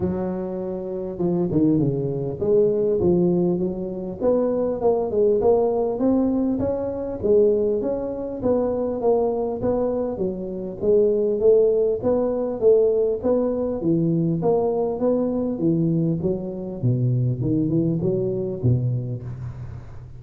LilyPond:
\new Staff \with { instrumentName = "tuba" } { \time 4/4 \tempo 4 = 100 fis2 f8 dis8 cis4 | gis4 f4 fis4 b4 | ais8 gis8 ais4 c'4 cis'4 | gis4 cis'4 b4 ais4 |
b4 fis4 gis4 a4 | b4 a4 b4 e4 | ais4 b4 e4 fis4 | b,4 dis8 e8 fis4 b,4 | }